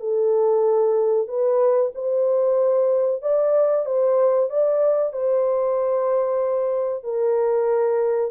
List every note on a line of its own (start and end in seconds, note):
0.00 1.28 A4
1.28 1.91 B4
1.95 3.22 C5
3.22 3.86 D5
3.86 4.49 C5
4.49 5.13 D5
5.13 7.03 C5
7.03 8.31 A#4